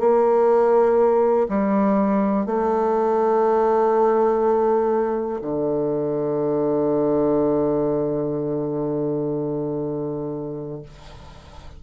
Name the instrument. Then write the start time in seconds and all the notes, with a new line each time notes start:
bassoon
0.00 A#3
1.49 G3
2.46 A3
5.42 D3